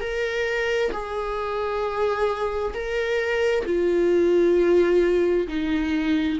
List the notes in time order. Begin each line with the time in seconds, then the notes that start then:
0.00 A#4
0.91 G#4
2.74 A#4
3.65 F4
5.47 D#4